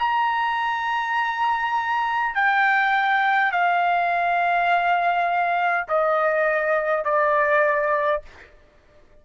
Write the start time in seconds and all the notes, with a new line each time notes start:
0.00 A#5
2.35 G5
3.52 F5
5.89 D#5
7.05 D5